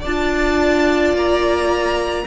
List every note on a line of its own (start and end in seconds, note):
0.00 1.13 D4
0.00 2.22 D5
0.00 1.15 A5
0.06 2.26 F4
1.13 2.25 A#3
1.13 2.26 A#5